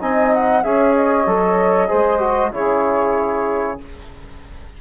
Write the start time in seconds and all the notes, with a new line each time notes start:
0.00 C4 D#4 D#5 G#5
0.34 F#5
0.64 C#4 G#4 C#5 E5
0.95 D#5
1.27 F#3 A4
1.88 G#3 G#4 C5
2.20 F#4
2.52 C#3 E4 G#4 C#5